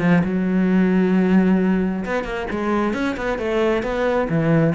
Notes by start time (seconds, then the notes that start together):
0.00 F3
0.24 F#3
2.05 B3
2.25 A#3
2.51 G#3
2.94 C#4
3.17 B3
3.39 A3
3.83 B3
4.29 E3